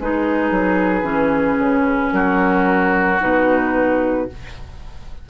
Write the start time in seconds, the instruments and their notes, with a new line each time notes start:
0.00 bassoon G#3, clarinet D#4, oboe G#4, flute B4
0.51 bassoon F#3
1.03 bassoon E3, clarinet C#4
1.59 bassoon C#3
2.13 bassoon F#3, oboe F#4, flute A#4
3.21 bassoon B2, clarinet D#4, flute B4